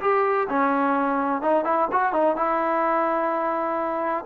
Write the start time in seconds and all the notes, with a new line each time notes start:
0.00 G4
0.48 C#4
1.41 D#4
1.64 E4
1.92 F#4
2.12 D#4
2.36 E4